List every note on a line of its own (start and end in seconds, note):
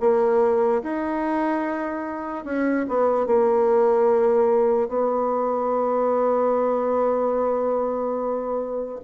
0.00 0.82 A#3
0.83 2.45 D#4
2.45 2.86 C#4
2.88 3.26 B3
3.26 4.88 A#3
4.88 8.99 B3